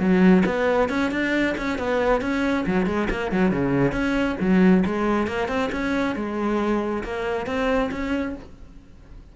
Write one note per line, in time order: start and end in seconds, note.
0.00 0.44 F#3
0.46 0.90 B3
0.90 1.11 C#4
1.12 1.55 D4
1.58 1.79 C#4
1.79 2.22 B3
2.22 2.66 C#4
2.67 2.87 F#3
2.87 3.09 G#3
3.10 3.32 A#3
3.32 3.52 F#3
3.52 3.93 C#3
3.93 4.36 C#4
4.41 4.84 F#3
4.86 5.28 G#3
5.28 5.48 A#3
5.48 5.70 C4
5.73 6.16 C#4
6.16 7.04 G#3
7.04 7.47 A#3
7.47 7.91 C4
7.92 8.35 C#4